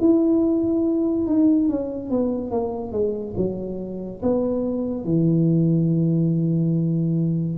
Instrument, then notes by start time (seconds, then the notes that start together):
tuba
0.00 E4
1.27 D#4
1.69 C#4
2.09 B3
2.50 A#3
2.92 G#3
3.36 F#3
4.22 B3
5.04 E3